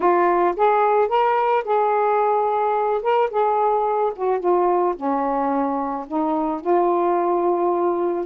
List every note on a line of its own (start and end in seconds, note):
0.00 0.55 F4
0.56 1.08 G#4
1.08 1.63 A#4
1.64 3.02 G#4
3.02 3.29 A#4
3.30 4.12 G#4
4.15 4.39 F#4
4.39 4.94 F4
4.96 6.06 C#4
6.07 6.60 D#4
6.60 8.25 F4